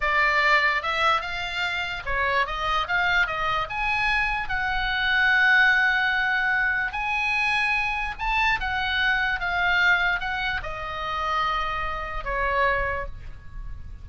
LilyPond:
\new Staff \with { instrumentName = "oboe" } { \time 4/4 \tempo 4 = 147 d''2 e''4 f''4~ | f''4 cis''4 dis''4 f''4 | dis''4 gis''2 fis''4~ | fis''1~ |
fis''4 gis''2. | a''4 fis''2 f''4~ | f''4 fis''4 dis''2~ | dis''2 cis''2 | }